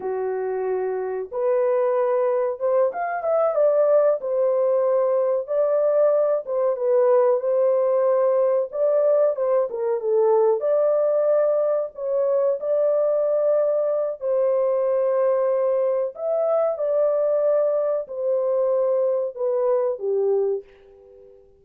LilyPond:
\new Staff \with { instrumentName = "horn" } { \time 4/4 \tempo 4 = 93 fis'2 b'2 | c''8 f''8 e''8 d''4 c''4.~ | c''8 d''4. c''8 b'4 c''8~ | c''4. d''4 c''8 ais'8 a'8~ |
a'8 d''2 cis''4 d''8~ | d''2 c''2~ | c''4 e''4 d''2 | c''2 b'4 g'4 | }